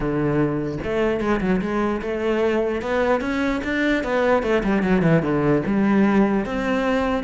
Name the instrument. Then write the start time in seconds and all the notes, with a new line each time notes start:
cello
0.00 D3
0.83 A3
1.20 G#3
1.40 F#3
1.61 G#3
2.01 A3
2.81 B3
3.20 C#4
3.64 D4
4.03 B3
4.42 A3
4.63 G3
4.82 F#3
5.02 E3
5.22 D3
5.65 G3
6.45 C4